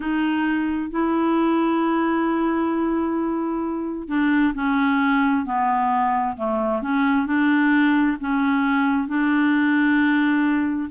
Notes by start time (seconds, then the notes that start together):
0.00 D#4
0.90 E4
4.08 D4
4.54 C#4
5.45 B3
6.36 A3
6.81 C#4
7.26 D4
8.20 C#4
9.07 D4